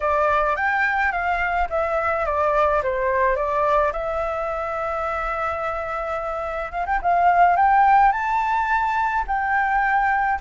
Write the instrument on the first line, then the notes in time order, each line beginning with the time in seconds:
flute
0.00 D5
0.56 G5
1.12 F5
1.69 E5
2.25 D5
2.82 C5
3.35 D5
3.92 E5
6.71 F5
6.86 G5
7.01 F5
7.56 G5
8.12 A5
9.27 G5